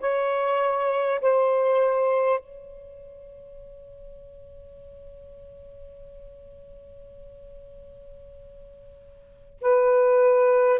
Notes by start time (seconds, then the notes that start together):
0.00 C#5
1.21 C5
2.40 C#5
9.62 B4